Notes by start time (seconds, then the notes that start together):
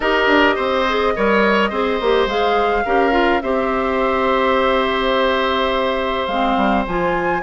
0.00 D#4 G4 A#4 D#5
0.26 D4
0.55 C4 C5
0.88 G#4
1.16 G3 A#4 C#5
1.69 C4 G#4 C5
2.00 A#3 G4
2.26 G#3 G#4 F5
2.85 C#4 G4 A#4
3.11 F4
3.41 C4 G4 C5 E5
6.26 G#3 C4 F5
6.56 G3
6.86 F3 F4 G#5